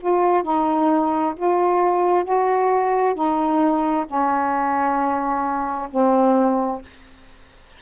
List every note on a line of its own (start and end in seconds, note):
0.00 0.43 F4
0.43 1.34 D#4
1.36 2.24 F4
2.24 3.14 F#4
3.14 4.05 D#4
4.06 5.88 C#4
5.90 6.81 C4